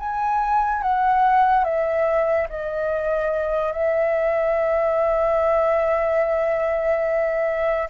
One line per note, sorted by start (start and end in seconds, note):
0.00 0.83 G#5
0.83 1.64 F#5
1.64 2.48 E5
2.50 3.73 D#5
3.73 7.89 E5